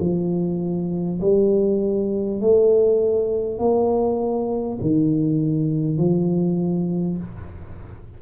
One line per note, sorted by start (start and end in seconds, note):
0.00 1.20 F3
1.21 2.41 G3
2.41 3.58 A3
3.58 4.78 A#3
4.81 5.98 D#3
5.98 7.18 F3